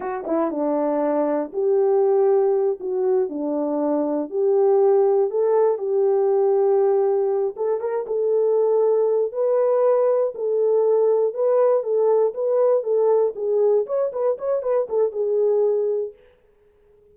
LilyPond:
\new Staff \with { instrumentName = "horn" } { \time 4/4 \tempo 4 = 119 fis'8 e'8 d'2 g'4~ | g'4. fis'4 d'4.~ | d'8 g'2 a'4 g'8~ | g'2. a'8 ais'8 |
a'2~ a'8 b'4.~ | b'8 a'2 b'4 a'8~ | a'8 b'4 a'4 gis'4 cis''8 | b'8 cis''8 b'8 a'8 gis'2 | }